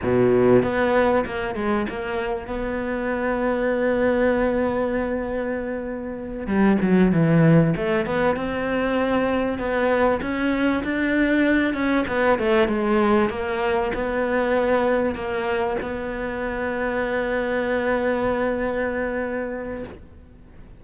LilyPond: \new Staff \with { instrumentName = "cello" } { \time 4/4 \tempo 4 = 97 b,4 b4 ais8 gis8 ais4 | b1~ | b2~ b8 g8 fis8 e8~ | e8 a8 b8 c'2 b8~ |
b8 cis'4 d'4. cis'8 b8 | a8 gis4 ais4 b4.~ | b8 ais4 b2~ b8~ | b1 | }